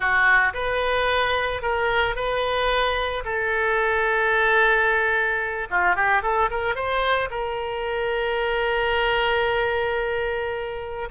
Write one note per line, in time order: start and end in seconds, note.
0.00 0.53 F#4
0.53 1.61 B4
1.62 2.15 A#4
2.15 3.23 B4
3.24 5.68 A4
5.70 5.95 F4
5.95 6.22 G4
6.22 6.49 A4
6.50 6.75 A#4
6.75 7.29 C5
7.30 11.08 A#4